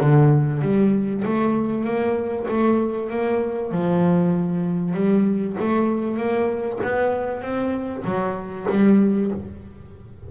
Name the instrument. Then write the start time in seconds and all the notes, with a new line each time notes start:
double bass
0.00 D3
0.61 G3
1.25 A3
1.84 A#3
2.48 A3
3.10 A#3
3.71 F3
4.94 G3
5.59 A3
6.17 A#3
6.83 B3
7.41 C4
8.04 F#3
8.69 G3